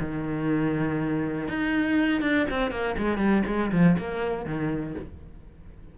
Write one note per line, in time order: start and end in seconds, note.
0.00 1.49 D#3
1.49 2.22 D#4
2.22 2.47 D4
2.50 2.71 C4
2.71 2.96 A#3
2.98 3.18 G#3
3.18 3.43 G3
3.47 3.72 G#3
3.72 3.97 F3
3.99 4.46 A#3
4.46 4.96 D#3